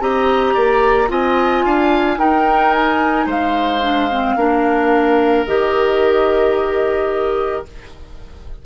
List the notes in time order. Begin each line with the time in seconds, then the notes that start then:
0.00 C4 G4 D#5 A#5
0.53 A#3 D5
1.08 C4 F4 D#5 G#5
1.64 D4 F5
2.17 D#4 A#4 G5
2.73 G#5
3.26 G#3 C5 F5
3.82 D4
4.11 C4
4.35 A#3 D4 A#4
5.46 D#3 G4 D#5